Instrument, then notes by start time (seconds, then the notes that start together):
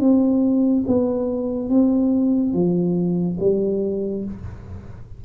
tuba
0.00 C4
0.88 B3
1.70 C4
2.54 F3
3.40 G3